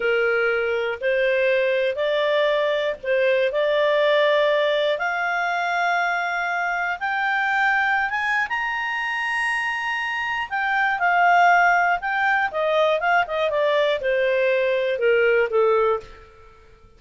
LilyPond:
\new Staff \with { instrumentName = "clarinet" } { \time 4/4 \tempo 4 = 120 ais'2 c''2 | d''2 c''4 d''4~ | d''2 f''2~ | f''2 g''2~ |
g''16 gis''8. ais''2.~ | ais''4 g''4 f''2 | g''4 dis''4 f''8 dis''8 d''4 | c''2 ais'4 a'4 | }